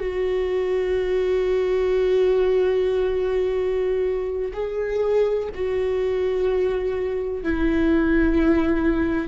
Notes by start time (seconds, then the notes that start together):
0.00 F#4
4.53 G#4
5.55 F#4
7.44 E4